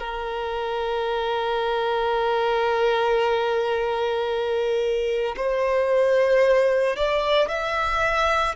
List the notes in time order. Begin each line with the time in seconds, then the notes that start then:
0.00 A#4
5.37 C5
6.96 D5
7.49 E5